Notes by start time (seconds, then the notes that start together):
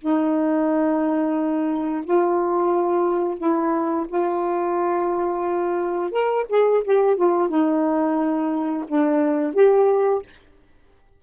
0.00 D#4
2.04 F4
3.38 E4
4.08 F4
6.11 A#4
6.49 G#4
6.84 G4
7.17 F4
7.48 D#4
8.88 D4
9.54 G4